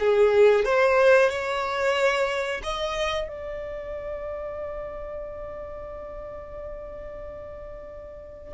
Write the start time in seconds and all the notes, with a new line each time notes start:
0.00 G#4
0.65 C5
1.30 C#5
2.64 D#5
3.28 D5